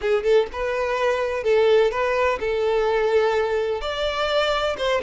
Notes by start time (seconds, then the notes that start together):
0.01 G#4
0.23 A4
0.52 B4
1.43 A4
1.91 B4
2.40 A4
3.81 D5
4.77 C5